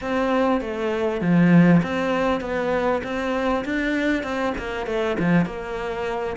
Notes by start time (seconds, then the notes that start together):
0.01 C4
0.60 A3
1.21 F3
1.82 C4
2.40 B3
3.03 C4
3.64 D4
4.23 C4
4.58 A#3
4.86 A3
5.19 F3
5.45 A#3